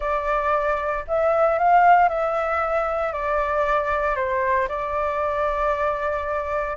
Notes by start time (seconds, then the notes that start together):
0.00 D5
1.07 E5
1.58 F5
2.08 E5
3.13 D5
4.15 C5
4.68 D5